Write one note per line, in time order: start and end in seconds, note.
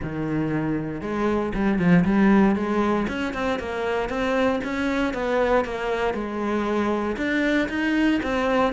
0.03 1.01 D#3
1.01 1.52 G#3
1.54 1.79 G3
1.79 2.04 F3
2.04 2.55 G3
2.55 3.07 G#3
3.08 3.33 C#4
3.33 3.59 C4
3.59 4.09 A#3
4.09 4.60 C4
4.64 5.13 C#4
5.13 5.64 B3
5.64 6.14 A#3
6.14 7.16 G#3
7.17 7.68 D4
7.69 8.20 D#4
8.22 8.73 C4